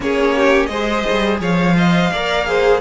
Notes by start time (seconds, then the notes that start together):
0.00 A#3 C#4 G#4 C#5
0.36 G4
0.66 G#3 G#4 C5 D#5
1.10 G3
1.39 F3 C#5 F5
1.76 C5 D#5
2.11 A#3 A#4 D5
2.46 G#4 C5